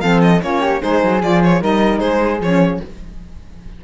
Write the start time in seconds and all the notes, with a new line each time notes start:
0.00 F3 C4 A4 F5
0.21 D#5
0.40 A#3 C#4 F4 C#5
0.60 G4
0.80 G#3 D#4 G#4 C5
1.03 F#3
1.19 F3 F4 D5
1.43 C#5
1.60 G3 D#4 A#4 D#5
1.99 G#3 G#4 C5
2.40 F3 C#4 C#5